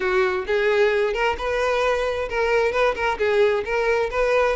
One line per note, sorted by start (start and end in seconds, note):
0.00 0.45 F#4
0.47 1.13 G#4
1.13 1.36 A#4
1.37 2.28 B4
2.29 2.72 A#4
2.72 2.94 B4
2.95 3.18 A#4
3.18 3.64 G#4
3.64 4.10 A#4
4.10 4.56 B4